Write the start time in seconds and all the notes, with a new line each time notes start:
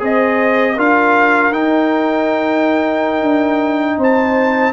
0.00 C4 G#4 C5 D#5
0.76 D4 F4 A#4 F5
1.51 D#4 G5
3.22 D4
3.98 C4 C5 A5